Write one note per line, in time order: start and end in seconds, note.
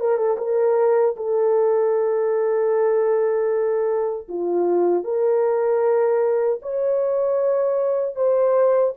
0.00 0.17 A#4
0.17 0.37 A4
0.38 1.15 A#4
1.16 4.28 A4
4.28 5.04 F4
5.04 6.60 A#4
6.62 8.16 C#5
8.16 8.94 C5